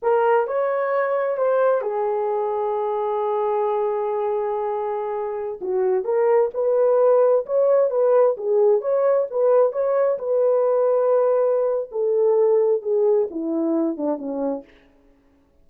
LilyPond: \new Staff \with { instrumentName = "horn" } { \time 4/4 \tempo 4 = 131 ais'4 cis''2 c''4 | gis'1~ | gis'1~ | gis'16 fis'4 ais'4 b'4.~ b'16~ |
b'16 cis''4 b'4 gis'4 cis''8.~ | cis''16 b'4 cis''4 b'4.~ b'16~ | b'2 a'2 | gis'4 e'4. d'8 cis'4 | }